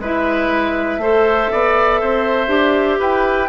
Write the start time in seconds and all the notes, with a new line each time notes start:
0.00 G#3 E4 B4 E5
0.98 A3 A4 C5
1.52 B3 D5
2.01 C4 C5
2.48 D4 G4
3.00 E4 B4 G5